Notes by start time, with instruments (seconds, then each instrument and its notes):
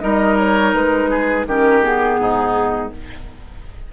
0.00 bassoon G3, clarinet D#4, oboe A#4, flute D#5
0.37 flute C#5
0.74 bassoon G#3, flute B4
1.10 oboe G#4
1.47 bassoon D#3, clarinet C#4, oboe G4, flute A#4
1.83 clarinet B3, flute G#4
2.20 bassoon G#2, oboe D#4